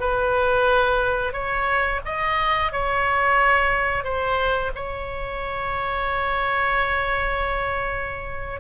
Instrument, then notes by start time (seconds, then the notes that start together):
oboe
0.00 B4
1.33 C#5
2.05 D#5
2.72 C#5
4.04 C5
4.75 C#5